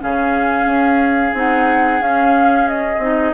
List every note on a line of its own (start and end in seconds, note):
0.00 0.66 C#3
0.00 1.33 C#4
0.00 3.34 G#4
0.00 1.36 F5
0.66 1.32 C#4
1.34 2.00 C4
1.34 2.01 D#4
1.34 2.02 F#5
2.01 2.98 C#4
2.01 3.02 C#4
2.01 2.68 F5
2.68 3.34 D#5
2.98 3.32 C4
2.98 3.34 D#4